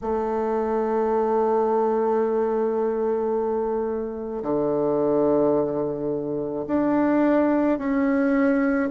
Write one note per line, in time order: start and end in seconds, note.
0.01 4.42 A3
4.42 6.65 D3
6.67 7.78 D4
7.78 8.89 C#4